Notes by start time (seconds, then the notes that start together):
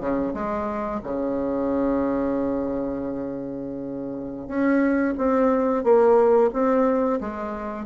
0.00 C#3
0.34 G#3
1.03 C#3
4.48 C#4
5.18 C4
5.83 A#3
6.53 C4
7.20 G#3